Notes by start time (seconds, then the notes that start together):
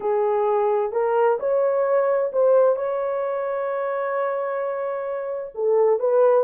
0.00 G#4
0.92 A#4
1.39 C#5
2.32 C5
2.76 C#5
5.54 A4
5.99 B4